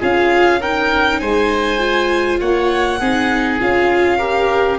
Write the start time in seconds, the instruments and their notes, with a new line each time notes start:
0.00 tuba C#4, viola F4, oboe G#4, violin F5
0.60 viola D#4, oboe A#4, violin G5
1.20 tuba G#3, oboe C5, violin G#5
1.79 viola F4
2.40 tuba A#3, oboe C#5, violin F#5
3.00 tuba C4, viola D#4, oboe G#4
3.60 tuba C#4, viola F4, violin F5
4.18 viola G4, oboe A#4